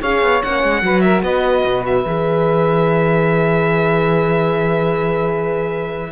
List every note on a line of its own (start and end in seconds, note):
0.00 0.21 C#4
0.00 0.42 G#4
0.00 0.82 C#5
0.00 0.42 F5
0.21 0.42 B3
0.42 0.63 A#3
0.42 0.81 C#4
0.42 1.00 F#5
0.63 0.82 G#3
0.81 1.22 F#3
0.81 2.04 F#4
0.81 1.03 B4
1.00 1.24 A#4
1.00 1.21 E5
1.22 1.63 B3
1.22 6.11 B4
1.22 1.84 D#5
1.65 2.06 B2
1.86 6.11 E5
2.06 6.11 E3
2.06 6.11 G#4